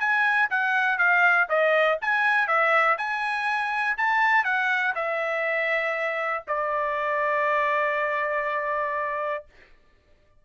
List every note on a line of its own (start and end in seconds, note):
0.00 0.50 G#5
0.50 0.98 F#5
0.98 1.48 F5
1.49 1.99 D#5
2.02 2.48 G#5
2.48 2.97 E5
2.98 3.97 G#5
3.98 4.44 A5
4.44 4.94 F#5
4.95 6.44 E5
6.48 9.45 D5